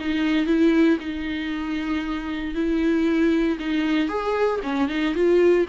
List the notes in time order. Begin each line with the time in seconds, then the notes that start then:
0.00 D#4
0.46 E4
1.00 D#4
2.55 E4
3.60 D#4
4.09 G#4
4.63 C#4
4.89 D#4
5.15 F4